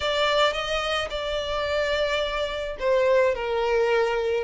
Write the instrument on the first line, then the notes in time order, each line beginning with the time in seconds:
violin
0.00 D5
0.53 D#5
1.10 D5
2.79 C5
3.35 A#4